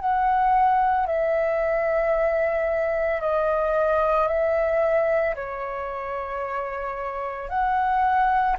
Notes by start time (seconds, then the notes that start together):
0.00 F#5
1.07 E5
3.21 D#5
4.28 E5
5.35 C#5
7.50 F#5